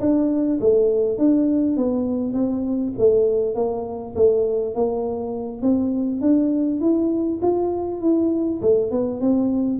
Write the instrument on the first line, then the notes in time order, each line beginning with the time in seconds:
tuba
0.00 D4
0.61 A3
1.18 D4
1.77 B3
2.34 C4
2.98 A3
3.55 A#3
4.15 A3
4.74 A#3
5.62 C4
6.21 D4
6.80 E4
7.42 F4
8.01 E4
8.62 A3
8.91 B3
9.21 C4